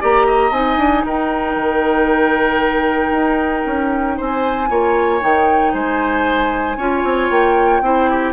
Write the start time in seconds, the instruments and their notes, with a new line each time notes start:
0.00 bassoon A#3, clarinet G4, oboe D5, flute A#5
0.26 oboe D#5
0.51 bassoon C4, clarinet D#4, flute G#5
0.77 bassoon D4
1.05 bassoon D#4, oboe A#4, flute G5
1.56 bassoon D#3
3.10 bassoon D#4
3.66 bassoon C#4
4.17 bassoon C4, oboe C5, flute G#5
4.69 bassoon A#3, clarinet F4, oboe C#5
5.20 bassoon D#3, clarinet D#4, flute G5
5.73 bassoon G#3, oboe C5, flute G#5
6.77 bassoon C#4, clarinet F4, oboe C#5
7.04 bassoon C4
7.29 bassoon A#3, flute G5
7.81 bassoon C4, clarinet E4, oboe C5
8.10 oboe G4